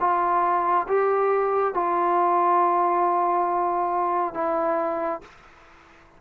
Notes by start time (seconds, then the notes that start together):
0.00 F4
0.89 G4
1.74 F4
4.34 E4